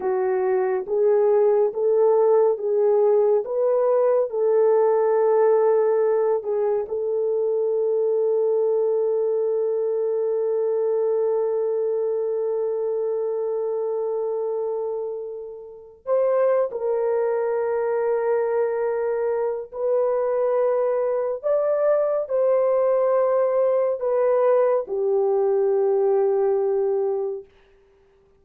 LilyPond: \new Staff \with { instrumentName = "horn" } { \time 4/4 \tempo 4 = 70 fis'4 gis'4 a'4 gis'4 | b'4 a'2~ a'8 gis'8 | a'1~ | a'1~ |
a'2~ a'8. c''8. ais'8~ | ais'2. b'4~ | b'4 d''4 c''2 | b'4 g'2. | }